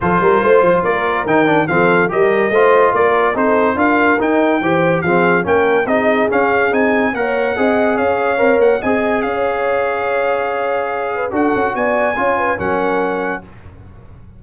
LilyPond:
<<
  \new Staff \with { instrumentName = "trumpet" } { \time 4/4 \tempo 4 = 143 c''2 d''4 g''4 | f''4 dis''2 d''4 | c''4 f''4 g''2 | f''4 g''4 dis''4 f''4 |
gis''4 fis''2 f''4~ | f''8 fis''8 gis''4 f''2~ | f''2. fis''4 | gis''2 fis''2 | }
  \new Staff \with { instrumentName = "horn" } { \time 4/4 a'8 ais'8 c''4 ais'2 | a'4 ais'4 c''4 ais'4 | a'4 ais'2 c''4 | gis'4 ais'4 gis'2~ |
gis'4 cis''4 dis''4 cis''4~ | cis''4 dis''4 cis''2~ | cis''2~ cis''8 b'8 a'4 | d''4 cis''8 b'8 ais'2 | }
  \new Staff \with { instrumentName = "trombone" } { \time 4/4 f'2. dis'8 d'8 | c'4 g'4 f'2 | dis'4 f'4 dis'4 g'4 | c'4 cis'4 dis'4 cis'4 |
dis'4 ais'4 gis'2 | ais'4 gis'2.~ | gis'2. fis'4~ | fis'4 f'4 cis'2 | }
  \new Staff \with { instrumentName = "tuba" } { \time 4/4 f8 g8 a8 f8 ais4 dis4 | f4 g4 a4 ais4 | c'4 d'4 dis'4 e4 | f4 ais4 c'4 cis'4 |
c'4 ais4 c'4 cis'4 | c'8 ais8 c'4 cis'2~ | cis'2. d'8 cis'8 | b4 cis'4 fis2 | }
>>